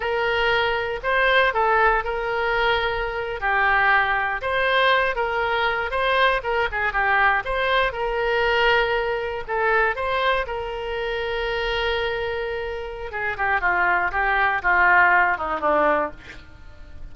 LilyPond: \new Staff \with { instrumentName = "oboe" } { \time 4/4 \tempo 4 = 119 ais'2 c''4 a'4 | ais'2~ ais'8. g'4~ g'16~ | g'8. c''4. ais'4. c''16~ | c''8. ais'8 gis'8 g'4 c''4 ais'16~ |
ais'2~ ais'8. a'4 c''16~ | c''8. ais'2.~ ais'16~ | ais'2 gis'8 g'8 f'4 | g'4 f'4. dis'8 d'4 | }